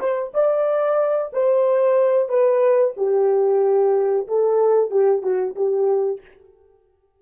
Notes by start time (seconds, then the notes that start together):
0.00 C5
0.34 D5
1.33 C5
2.29 B4
2.97 G4
4.27 A4
4.91 G4
5.23 F#4
5.56 G4